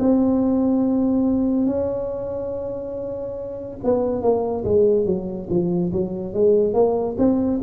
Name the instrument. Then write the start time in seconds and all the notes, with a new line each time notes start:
tuba
0.00 C4
1.67 C#4
3.84 B3
4.23 A#3
4.65 G#3
5.06 F#3
5.50 F3
5.93 F#3
6.34 G#3
6.74 A#3
7.18 C4